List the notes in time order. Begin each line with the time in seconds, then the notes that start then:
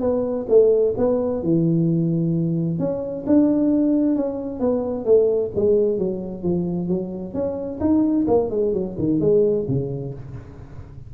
0.00 B3
0.48 A3
0.97 B3
1.42 E3
2.79 C#4
3.26 D4
4.15 C#4
4.60 B3
5.05 A3
5.55 G#3
5.98 F#3
6.42 F3
6.88 F#3
7.33 C#4
7.80 D#4
8.27 A#3
8.50 G#3
8.73 F#3
8.98 D#3
9.20 G#3
9.68 C#3